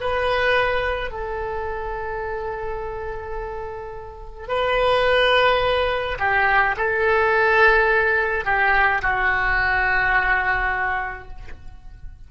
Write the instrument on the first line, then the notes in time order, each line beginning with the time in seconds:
oboe
0.00 B4
1.11 A4
4.48 B4
6.19 G4
6.77 A4
8.45 G4
9.02 F#4